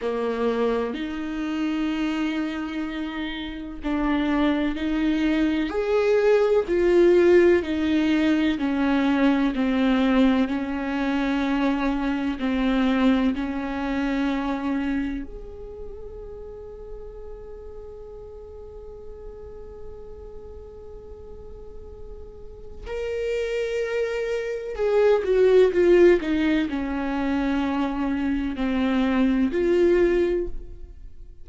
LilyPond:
\new Staff \with { instrumentName = "viola" } { \time 4/4 \tempo 4 = 63 ais4 dis'2. | d'4 dis'4 gis'4 f'4 | dis'4 cis'4 c'4 cis'4~ | cis'4 c'4 cis'2 |
gis'1~ | gis'1 | ais'2 gis'8 fis'8 f'8 dis'8 | cis'2 c'4 f'4 | }